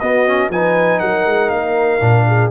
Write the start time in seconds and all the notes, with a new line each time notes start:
0.00 B3 F#4 D#5
0.27 C#4
0.49 F3 D#4 B4 G#5
1.00 F#3 A#4 F#5
1.27 G#3
1.50 A#3 F5
2.00 A#2 D4
2.27 G#4